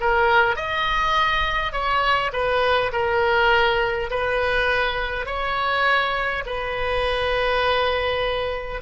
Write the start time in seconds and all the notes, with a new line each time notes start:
0.00 A#4
0.56 D#5
1.72 C#5
2.33 B4
2.92 A#4
4.10 B4
5.26 C#5
6.46 B4